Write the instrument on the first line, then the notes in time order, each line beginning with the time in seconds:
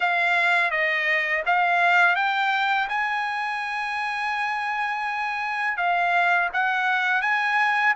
trumpet
0.00 F5
0.70 D#5
1.46 F5
2.15 G5
2.88 G#5
5.77 F5
6.53 F#5
7.21 G#5